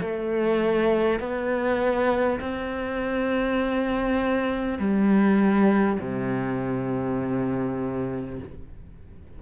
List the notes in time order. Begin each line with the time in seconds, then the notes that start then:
0.00 A3
1.19 B3
2.40 C4
4.78 G3
5.99 C3